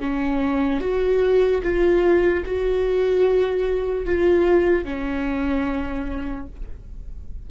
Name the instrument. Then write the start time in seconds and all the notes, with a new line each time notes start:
viola
0.00 C#4
0.81 F#4
1.63 F4
2.45 F#4
4.06 F4
4.85 C#4